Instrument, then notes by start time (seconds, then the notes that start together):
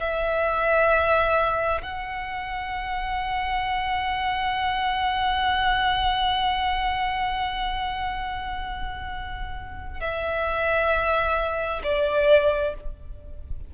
violin
0.00 E5
1.83 F#5
10.00 E5
11.84 D5